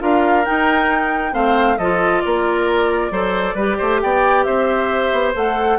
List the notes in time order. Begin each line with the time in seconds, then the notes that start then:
0.00 D4 F4 A#4 F5
0.45 D#4 G5
1.32 A3 C4 C5 F5
1.78 F3 F4 A4 D#5
2.21 A#3 A#4 D5
3.11 F#3 A4 C5
3.55 G3 G4 B4
3.79 A3 C5
4.01 B3 D5 G5
4.44 C4 C5 E5
5.12 B3
5.35 A3 A4 F#5